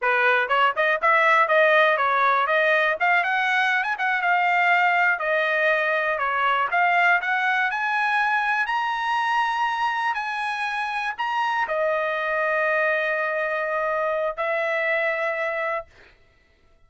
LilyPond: \new Staff \with { instrumentName = "trumpet" } { \time 4/4 \tempo 4 = 121 b'4 cis''8 dis''8 e''4 dis''4 | cis''4 dis''4 f''8 fis''4~ fis''16 gis''16 | fis''8 f''2 dis''4.~ | dis''8 cis''4 f''4 fis''4 gis''8~ |
gis''4. ais''2~ ais''8~ | ais''8 gis''2 ais''4 dis''8~ | dis''1~ | dis''4 e''2. | }